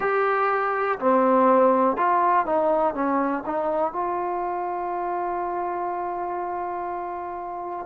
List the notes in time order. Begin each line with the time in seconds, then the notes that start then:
0.00 G4
0.99 C4
1.97 F4
2.45 D#4
2.94 C#4
3.46 D#4
3.92 F4